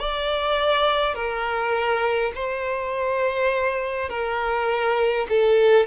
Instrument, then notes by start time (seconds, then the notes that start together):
violin
0.00 D5
1.15 A#4
2.35 C5
4.10 A#4
5.29 A4